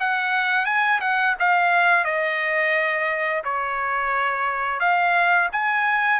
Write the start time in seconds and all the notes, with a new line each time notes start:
0.00 F#5
0.65 G#5
1.01 F#5
1.39 F5
2.05 D#5
3.44 C#5
4.80 F5
5.52 G#5